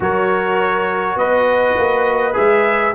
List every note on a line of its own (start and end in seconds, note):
0.00 1.15 F#3
0.00 2.33 F#4
0.00 1.18 A#4
0.00 1.18 C#5
1.15 1.74 B3
1.15 2.94 B4
1.15 2.35 D#5
1.77 2.36 A#3
2.33 2.94 G#3
2.33 2.92 G#4
2.33 2.94 E5